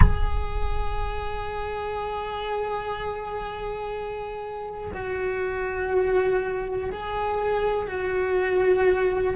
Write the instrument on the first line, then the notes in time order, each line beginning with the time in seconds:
cello
0.00 G#4
4.93 F#4
6.91 G#4
7.87 F#4